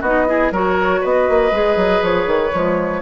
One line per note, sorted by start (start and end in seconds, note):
0.00 0.51 B3
0.00 0.27 D#4
0.00 0.25 F#4
0.00 0.52 D#5
0.27 0.52 E4
0.27 0.52 G#4
0.51 1.01 F#3
0.51 1.52 F#4
0.51 1.00 A#4
0.51 1.04 C#5
1.00 1.29 B3
1.00 3.00 B4
1.00 2.03 D#5
1.29 1.51 A#3
1.51 1.76 G#3
1.51 2.51 G#4
1.76 2.01 F#3
2.02 2.26 F3
2.02 3.01 C#5
2.26 2.51 D#3
2.51 3.01 F3
2.51 3.01 G#3